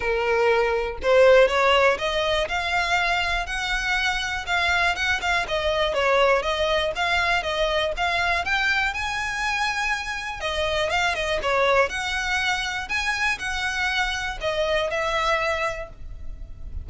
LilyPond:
\new Staff \with { instrumentName = "violin" } { \time 4/4 \tempo 4 = 121 ais'2 c''4 cis''4 | dis''4 f''2 fis''4~ | fis''4 f''4 fis''8 f''8 dis''4 | cis''4 dis''4 f''4 dis''4 |
f''4 g''4 gis''2~ | gis''4 dis''4 f''8 dis''8 cis''4 | fis''2 gis''4 fis''4~ | fis''4 dis''4 e''2 | }